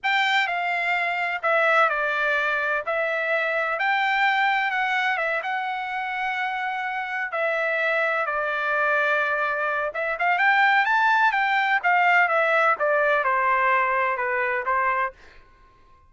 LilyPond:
\new Staff \with { instrumentName = "trumpet" } { \time 4/4 \tempo 4 = 127 g''4 f''2 e''4 | d''2 e''2 | g''2 fis''4 e''8 fis''8~ | fis''2.~ fis''8 e''8~ |
e''4. d''2~ d''8~ | d''4 e''8 f''8 g''4 a''4 | g''4 f''4 e''4 d''4 | c''2 b'4 c''4 | }